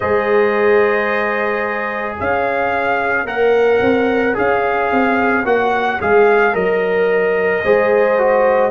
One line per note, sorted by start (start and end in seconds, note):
0.00 2.18 G#3
0.00 3.26 G#4
0.00 2.17 C5
0.00 2.15 D#5
2.17 3.24 C#4
2.17 7.62 C#5
2.17 3.26 F5
3.24 3.79 A#3
3.24 4.34 A#4
3.24 4.35 F#5
3.81 4.35 C4
4.34 4.91 C#4
4.34 5.43 G#4
4.34 5.45 F5
4.91 5.44 C4
5.44 5.98 A#3
5.44 5.99 F#4
5.44 6.00 F#5
6.00 6.55 G#3
6.00 6.53 G#4
6.00 6.55 F5
6.53 7.64 F#3
6.53 7.62 A#4
6.53 8.71 D#5
7.63 8.71 G#3
7.63 8.18 G#4
7.63 8.71 C5
8.18 8.71 F#4